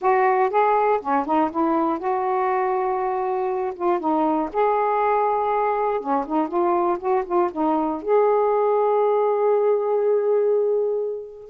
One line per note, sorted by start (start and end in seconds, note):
0.01 0.50 F#4
0.50 1.00 G#4
1.01 1.25 C#4
1.25 1.50 D#4
1.50 1.98 E4
1.98 3.73 F#4
3.75 3.99 F4
3.99 4.49 D#4
4.52 6.00 G#4
6.00 6.25 C#4
6.26 6.47 D#4
6.47 6.97 F4
6.98 7.23 F#4
7.25 7.50 F4
7.52 8.01 D#4
8.01 11.49 G#4